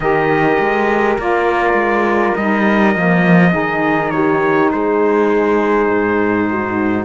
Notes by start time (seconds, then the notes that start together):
0.00 D#3 G4 A#4 D#5
0.59 G#3
1.18 A#3 F4 D5
1.73 G#3
2.35 G3 D#4 D#5
2.95 F3 A#3
3.52 D#3 D#4 G#4
4.10 G4 C#5
4.71 G#3 G#4 C5
5.89 G#2
6.50 F#4